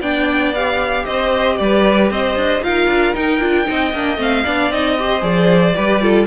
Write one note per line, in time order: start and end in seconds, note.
0.00 1.05 B3
0.00 0.54 D4
0.00 1.04 D5
0.00 0.54 G5
0.54 2.63 G4
0.54 1.05 F5
1.05 1.59 C4
1.05 1.57 C5
1.05 1.57 D#5
1.57 2.11 G3
1.57 2.12 B4
1.57 2.09 D5
2.11 2.36 C4
2.11 2.64 C5
2.11 2.63 D#5
2.36 2.62 D4
2.63 2.87 D#4
2.63 3.14 F4
2.63 3.69 A#4
2.63 3.15 F5
2.87 3.13 D4
3.14 3.40 D#4
3.14 3.41 D#4
3.14 4.19 G5
3.41 3.67 D4
3.41 3.65 F4
3.65 3.93 C4
3.65 3.91 D#4
3.65 4.44 D#5
3.93 4.17 A#3
3.93 4.18 D4
4.17 4.43 A3
4.17 4.44 C4
4.17 4.72 F5
4.44 4.71 B3
4.44 4.72 D4
4.44 4.96 D5
4.71 5.22 C4
4.71 4.98 D#4
4.71 5.23 D#5
4.98 5.20 G4
4.98 5.76 C5
5.20 5.74 F3
5.20 5.73 G#4
5.20 6.27 D5
5.76 6.27 G3
5.76 6.02 G4
5.76 6.02 B4
6.02 6.27 F4
6.02 6.27 A4